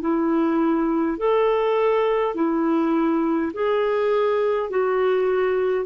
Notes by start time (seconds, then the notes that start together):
0.00 E4
1.18 A4
2.34 E4
3.53 G#4
4.70 F#4